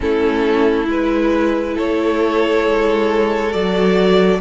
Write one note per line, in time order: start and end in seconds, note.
0.00 0.88 A3
0.00 0.85 C#4
0.00 1.74 E4
0.00 0.89 A4
0.85 1.76 G#3
0.85 3.49 E4
0.85 1.77 B4
1.74 2.66 A3
1.74 4.39 A4
1.74 3.52 C#5
2.66 3.54 G#3
3.52 4.40 F#3
3.52 4.40 F#4
3.52 4.40 D5